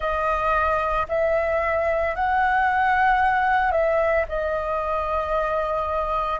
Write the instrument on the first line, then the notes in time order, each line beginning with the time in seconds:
flute
0.00 D#5
1.08 E5
2.15 F#5
3.71 E5
4.28 D#5